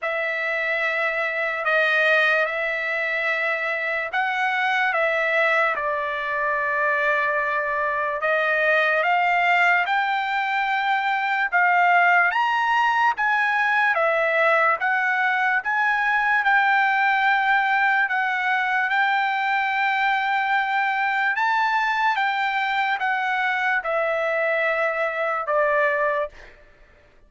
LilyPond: \new Staff \with { instrumentName = "trumpet" } { \time 4/4 \tempo 4 = 73 e''2 dis''4 e''4~ | e''4 fis''4 e''4 d''4~ | d''2 dis''4 f''4 | g''2 f''4 ais''4 |
gis''4 e''4 fis''4 gis''4 | g''2 fis''4 g''4~ | g''2 a''4 g''4 | fis''4 e''2 d''4 | }